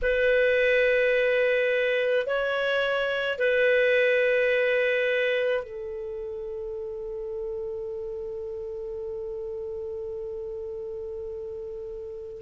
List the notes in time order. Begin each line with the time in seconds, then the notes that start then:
0.02 B4
2.26 C#5
3.38 B4
5.63 A4